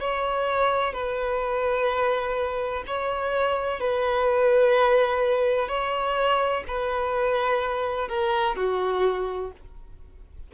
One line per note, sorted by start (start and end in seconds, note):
0.00 0.93 C#5
0.93 2.84 B4
2.87 3.80 C#5
3.80 5.68 B4
5.68 6.64 C#5
6.68 8.08 B4
8.08 8.56 A#4
8.56 9.52 F#4